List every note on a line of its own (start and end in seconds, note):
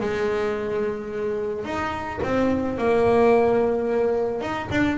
0.00 1.65 G#3
1.65 2.20 D#4
2.23 2.78 C4
2.78 4.41 A#3
4.41 4.69 D#4
4.71 4.98 D4